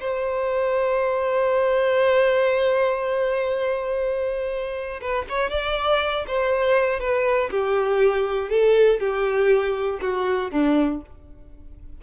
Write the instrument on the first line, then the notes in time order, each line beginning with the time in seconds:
violin
0.00 C5
5.01 B4
5.29 C#5
5.50 D5
6.27 C5
6.99 B4
7.50 G4
8.49 A4
8.99 G4
10.01 F#4
10.51 D4